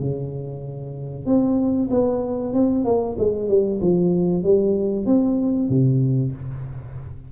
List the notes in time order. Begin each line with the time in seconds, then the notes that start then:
0.00 C#3
1.26 C4
1.90 B3
2.53 C4
2.84 A#3
3.18 G#3
3.49 G3
3.81 F3
4.43 G3
5.06 C4
5.69 C3